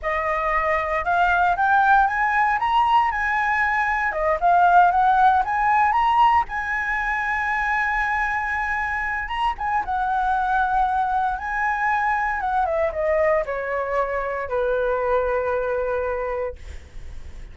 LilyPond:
\new Staff \with { instrumentName = "flute" } { \time 4/4 \tempo 4 = 116 dis''2 f''4 g''4 | gis''4 ais''4 gis''2 | dis''8 f''4 fis''4 gis''4 ais''8~ | ais''8 gis''2.~ gis''8~ |
gis''2 ais''8 gis''8 fis''4~ | fis''2 gis''2 | fis''8 e''8 dis''4 cis''2 | b'1 | }